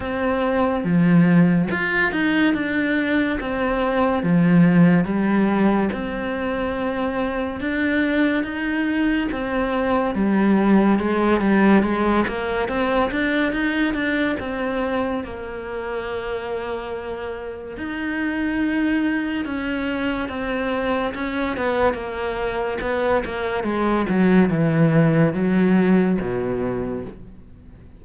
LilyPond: \new Staff \with { instrumentName = "cello" } { \time 4/4 \tempo 4 = 71 c'4 f4 f'8 dis'8 d'4 | c'4 f4 g4 c'4~ | c'4 d'4 dis'4 c'4 | g4 gis8 g8 gis8 ais8 c'8 d'8 |
dis'8 d'8 c'4 ais2~ | ais4 dis'2 cis'4 | c'4 cis'8 b8 ais4 b8 ais8 | gis8 fis8 e4 fis4 b,4 | }